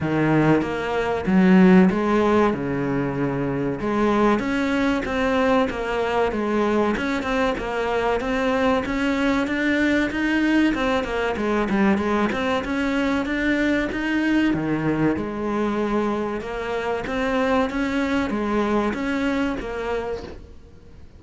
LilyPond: \new Staff \with { instrumentName = "cello" } { \time 4/4 \tempo 4 = 95 dis4 ais4 fis4 gis4 | cis2 gis4 cis'4 | c'4 ais4 gis4 cis'8 c'8 | ais4 c'4 cis'4 d'4 |
dis'4 c'8 ais8 gis8 g8 gis8 c'8 | cis'4 d'4 dis'4 dis4 | gis2 ais4 c'4 | cis'4 gis4 cis'4 ais4 | }